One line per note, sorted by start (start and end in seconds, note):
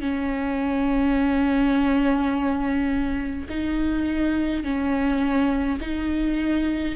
0.00 3.46 C#4
3.49 4.63 D#4
4.63 5.78 C#4
5.80 6.95 D#4